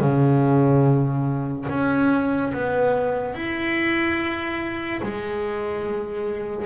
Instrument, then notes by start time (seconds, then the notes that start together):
double bass
0.00 C#3
1.69 C#4
2.53 B3
3.35 E4
5.03 G#3